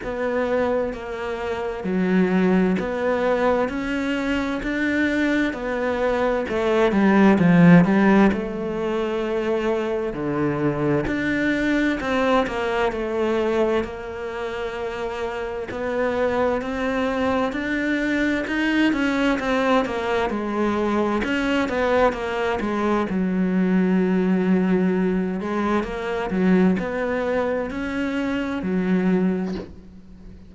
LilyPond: \new Staff \with { instrumentName = "cello" } { \time 4/4 \tempo 4 = 65 b4 ais4 fis4 b4 | cis'4 d'4 b4 a8 g8 | f8 g8 a2 d4 | d'4 c'8 ais8 a4 ais4~ |
ais4 b4 c'4 d'4 | dis'8 cis'8 c'8 ais8 gis4 cis'8 b8 | ais8 gis8 fis2~ fis8 gis8 | ais8 fis8 b4 cis'4 fis4 | }